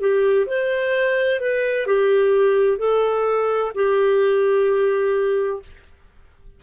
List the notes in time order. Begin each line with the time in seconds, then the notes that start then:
0.00 G4
0.46 C5
1.40 B4
1.87 G4
2.78 A4
3.75 G4